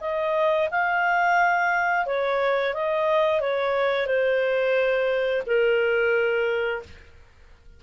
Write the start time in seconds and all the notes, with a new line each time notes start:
0.00 D#5
0.70 F5
2.06 C#5
2.74 D#5
3.40 C#5
4.06 C5
5.46 A#4